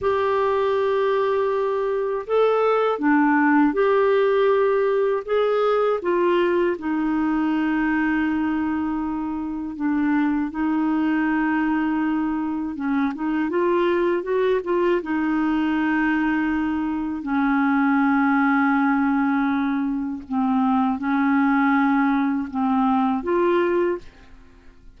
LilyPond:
\new Staff \with { instrumentName = "clarinet" } { \time 4/4 \tempo 4 = 80 g'2. a'4 | d'4 g'2 gis'4 | f'4 dis'2.~ | dis'4 d'4 dis'2~ |
dis'4 cis'8 dis'8 f'4 fis'8 f'8 | dis'2. cis'4~ | cis'2. c'4 | cis'2 c'4 f'4 | }